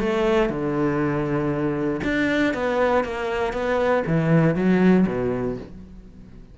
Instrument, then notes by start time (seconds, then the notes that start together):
cello
0.00 A3
0.50 D3
2.04 D4
2.54 B3
3.05 A#3
3.53 B3
4.07 E3
4.56 F#3
5.07 B2